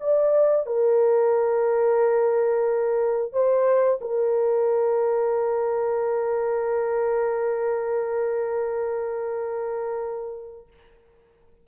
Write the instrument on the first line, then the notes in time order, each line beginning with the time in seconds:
horn
0.00 D5
0.66 A#4
3.32 C5
4.01 A#4